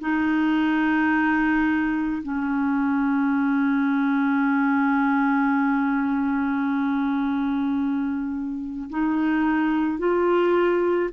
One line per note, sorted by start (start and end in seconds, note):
0.00 2.22 D#4
2.22 8.89 C#4
8.89 9.98 D#4
9.98 11.10 F4